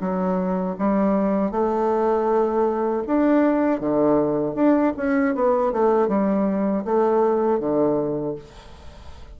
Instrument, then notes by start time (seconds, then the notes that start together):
bassoon
0.00 F#3
0.78 G3
1.51 A3
3.07 D4
3.80 D3
4.55 D4
4.96 C#4
5.34 B3
5.72 A3
6.08 G3
6.85 A3
7.59 D3